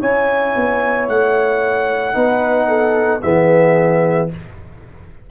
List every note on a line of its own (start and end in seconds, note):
0.00 0.55 C#4
0.00 2.14 E4
0.00 2.14 C#5
0.00 1.08 G#5
0.56 1.08 B3
1.08 2.15 A3
1.08 3.22 F#5
2.14 3.22 B3
2.14 3.21 D#4
2.14 2.68 B4
2.68 3.21 A4
3.21 4.30 E3
3.21 4.28 B3
3.21 4.30 G#4
3.21 4.29 E5